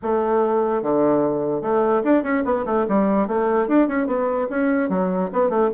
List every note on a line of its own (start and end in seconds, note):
0.02 0.82 A3
0.82 1.61 D3
1.61 2.02 A3
2.03 2.23 D4
2.23 2.43 C#4
2.45 2.65 B3
2.65 2.86 A3
2.88 3.27 G3
3.27 3.68 A3
3.68 3.88 D4
3.88 4.06 C#4
4.06 4.47 B3
4.49 4.89 C#4
4.89 5.29 F#3
5.32 5.49 B3
5.49 5.69 A3